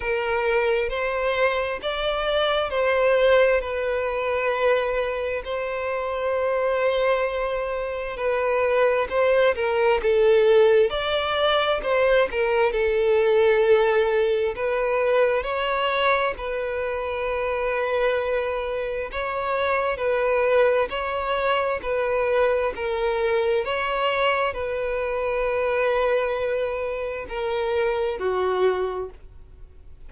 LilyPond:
\new Staff \with { instrumentName = "violin" } { \time 4/4 \tempo 4 = 66 ais'4 c''4 d''4 c''4 | b'2 c''2~ | c''4 b'4 c''8 ais'8 a'4 | d''4 c''8 ais'8 a'2 |
b'4 cis''4 b'2~ | b'4 cis''4 b'4 cis''4 | b'4 ais'4 cis''4 b'4~ | b'2 ais'4 fis'4 | }